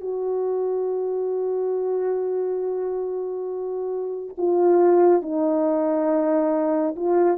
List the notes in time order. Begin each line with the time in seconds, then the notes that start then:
0.00 F#4
4.37 F4
5.21 D#4
6.96 F4